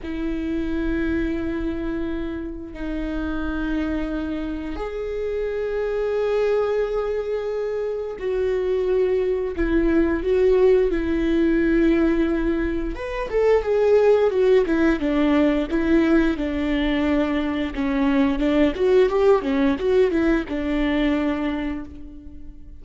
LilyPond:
\new Staff \with { instrumentName = "viola" } { \time 4/4 \tempo 4 = 88 e'1 | dis'2. gis'4~ | gis'1 | fis'2 e'4 fis'4 |
e'2. b'8 a'8 | gis'4 fis'8 e'8 d'4 e'4 | d'2 cis'4 d'8 fis'8 | g'8 cis'8 fis'8 e'8 d'2 | }